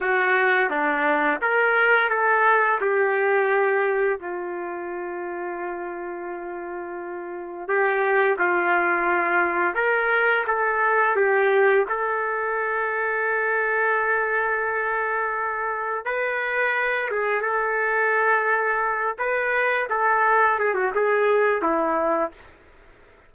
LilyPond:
\new Staff \with { instrumentName = "trumpet" } { \time 4/4 \tempo 4 = 86 fis'4 d'4 ais'4 a'4 | g'2 f'2~ | f'2. g'4 | f'2 ais'4 a'4 |
g'4 a'2.~ | a'2. b'4~ | b'8 gis'8 a'2~ a'8 b'8~ | b'8 a'4 gis'16 fis'16 gis'4 e'4 | }